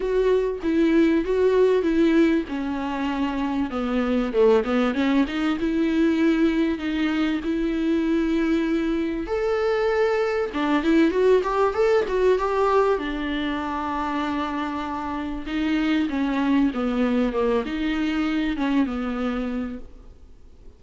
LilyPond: \new Staff \with { instrumentName = "viola" } { \time 4/4 \tempo 4 = 97 fis'4 e'4 fis'4 e'4 | cis'2 b4 a8 b8 | cis'8 dis'8 e'2 dis'4 | e'2. a'4~ |
a'4 d'8 e'8 fis'8 g'8 a'8 fis'8 | g'4 d'2.~ | d'4 dis'4 cis'4 b4 | ais8 dis'4. cis'8 b4. | }